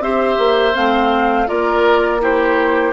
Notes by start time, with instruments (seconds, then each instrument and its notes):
0.00 bassoon C4, clarinet G4, oboe C5, flute E5
0.38 bassoon A#3
0.74 bassoon A3, clarinet C4, flute F5
1.47 bassoon A#3, clarinet F4, oboe A#4, flute D5
2.20 clarinet E4, oboe G4, flute C5